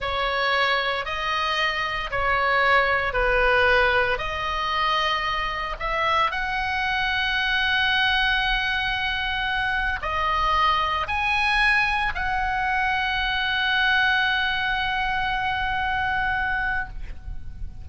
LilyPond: \new Staff \with { instrumentName = "oboe" } { \time 4/4 \tempo 4 = 114 cis''2 dis''2 | cis''2 b'2 | dis''2. e''4 | fis''1~ |
fis''2. dis''4~ | dis''4 gis''2 fis''4~ | fis''1~ | fis''1 | }